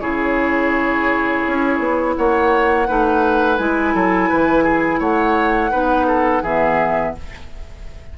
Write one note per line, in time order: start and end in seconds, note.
0.00 1.43 C#3
0.00 2.86 E4
0.00 2.15 G#4
0.00 2.14 C#5
1.46 1.79 C#4
1.79 2.14 B3
2.15 2.89 A#3
2.15 2.87 C#5
2.15 3.57 F#5
2.87 3.58 A3
2.87 3.58 D#4
2.87 3.94 B4
3.57 3.94 G#3
3.57 5.71 E4
3.57 5.00 G#5
3.94 4.30 F#3
3.94 4.29 A4
4.29 5.00 E3
4.29 4.63 B4
4.63 4.99 G#4
4.99 5.71 A3
4.99 5.70 C#5
4.99 6.43 F#5
5.70 6.42 B3
5.70 6.42 D#4
5.70 6.06 B4
6.07 6.42 A4
6.42 7.14 E3
6.42 7.17 B3
6.42 7.14 G#4
6.42 7.14 E5